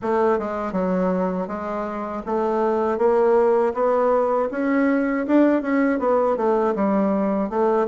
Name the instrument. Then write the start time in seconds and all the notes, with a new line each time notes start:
bassoon
0.02 A3
0.38 G#3
0.72 F#3
1.47 G#3
2.26 A3
2.98 A#3
3.73 B3
4.51 C#4
5.26 D4
5.62 C#4
5.99 B3
6.36 A3
6.75 G3
7.49 A3